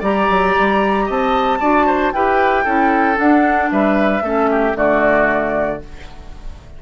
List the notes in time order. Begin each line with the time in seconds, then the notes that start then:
0.00 G3 G4 D5 A#5
0.30 F#3
0.58 G3
1.06 C4 D#5 A5
1.60 D4 F#4 D5
1.86 C5
2.13 E4 G4 B4 G5
2.64 C#4 E4 A4
3.15 D4 F#5
3.71 G3 B4 E5
4.22 A3 C#4 A4
4.51 G4
4.74 D3 A3 F#4 D5